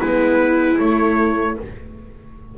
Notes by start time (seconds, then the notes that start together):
0.00 G#3 B3 E4 B4
0.78 A3 C#5